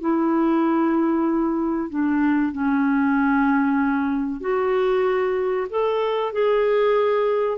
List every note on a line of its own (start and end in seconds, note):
0.00 1.89 E4
1.89 2.52 D4
2.52 4.41 C#4
4.41 5.67 F#4
5.70 6.32 A4
6.32 7.58 G#4